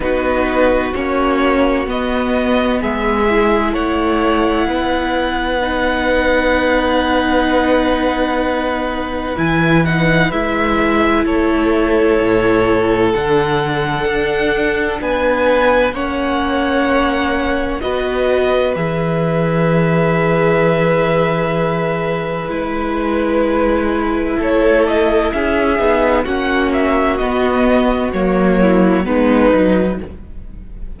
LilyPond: <<
  \new Staff \with { instrumentName = "violin" } { \time 4/4 \tempo 4 = 64 b'4 cis''4 dis''4 e''4 | fis''1~ | fis''2 gis''8 fis''8 e''4 | cis''2 fis''2 |
gis''4 fis''2 dis''4 | e''1 | b'2 cis''8 dis''8 e''4 | fis''8 e''8 dis''4 cis''4 b'4 | }
  \new Staff \with { instrumentName = "violin" } { \time 4/4 fis'2. gis'4 | cis''4 b'2.~ | b'1 | a'1 |
b'4 cis''2 b'4~ | b'1~ | b'2 a'4 gis'4 | fis'2~ fis'8 e'8 dis'4 | }
  \new Staff \with { instrumentName = "viola" } { \time 4/4 dis'4 cis'4 b4. e'8~ | e'2 dis'2~ | dis'2 e'8 dis'8 e'4~ | e'2 d'2~ |
d'4 cis'2 fis'4 | gis'1 | e'2.~ e'8 dis'8 | cis'4 b4 ais4 b8 dis'8 | }
  \new Staff \with { instrumentName = "cello" } { \time 4/4 b4 ais4 b4 gis4 | a4 b2.~ | b2 e4 gis4 | a4 a,4 d4 d'4 |
b4 ais2 b4 | e1 | gis2 a4 cis'8 b8 | ais4 b4 fis4 gis8 fis8 | }
>>